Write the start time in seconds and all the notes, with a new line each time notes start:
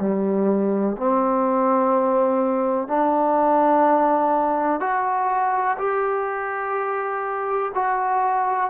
0.00 G3
0.96 C4
2.88 D4
4.80 F#4
5.78 G4
7.75 F#4